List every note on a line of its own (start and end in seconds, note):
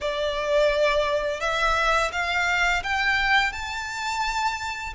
0.01 1.40 D5
1.40 2.11 E5
2.12 2.82 F5
2.83 3.52 G5
3.52 4.93 A5